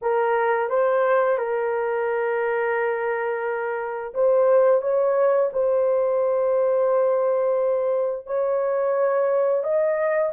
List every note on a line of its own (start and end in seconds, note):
0.01 0.69 A#4
0.69 1.38 C5
1.38 4.13 A#4
4.14 4.81 C5
4.81 5.50 C#5
5.52 8.26 C5
8.26 9.63 C#5
9.63 10.32 D#5